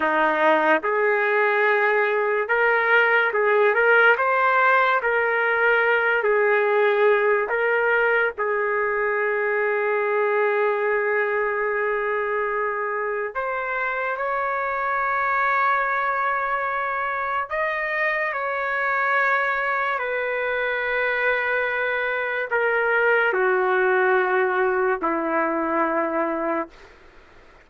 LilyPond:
\new Staff \with { instrumentName = "trumpet" } { \time 4/4 \tempo 4 = 72 dis'4 gis'2 ais'4 | gis'8 ais'8 c''4 ais'4. gis'8~ | gis'4 ais'4 gis'2~ | gis'1 |
c''4 cis''2.~ | cis''4 dis''4 cis''2 | b'2. ais'4 | fis'2 e'2 | }